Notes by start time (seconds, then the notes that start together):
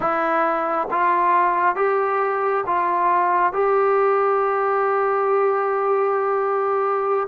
0.00 E4
0.91 F4
1.75 G4
2.66 F4
3.53 G4